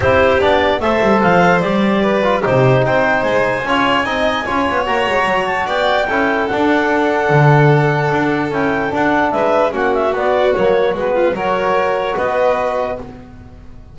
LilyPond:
<<
  \new Staff \with { instrumentName = "clarinet" } { \time 4/4 \tempo 4 = 148 c''4 d''4 e''4 f''4 | d''2 c''4 g''4 | gis''1 | ais''4. a''8 g''2 |
fis''1~ | fis''4 g''4 fis''4 e''4 | fis''8 e''8 d''4 cis''4 b'4 | cis''2 dis''2 | }
  \new Staff \with { instrumentName = "violin" } { \time 4/4 g'2 c''2~ | c''4 b'4 g'4 c''4~ | c''4 cis''4 dis''4 cis''4~ | cis''2 d''4 a'4~ |
a'1~ | a'2. b'4 | fis'2.~ fis'8 f'8 | ais'2 b'2 | }
  \new Staff \with { instrumentName = "trombone" } { \time 4/4 e'4 d'4 a'2 | g'4. f'8 dis'2~ | dis'4 f'4 dis'4 f'4 | fis'2. e'4 |
d'1~ | d'4 e'4 d'2 | cis'4 b4 ais4 b4 | fis'1 | }
  \new Staff \with { instrumentName = "double bass" } { \time 4/4 c'4 b4 a8 g8 f4 | g2 c4 c'4 | gis4 cis'4 c'4 cis'8 b8 | ais8 gis8 fis4 b4 cis'4 |
d'2 d2 | d'4 cis'4 d'4 gis4 | ais4 b4 fis4 gis4 | fis2 b2 | }
>>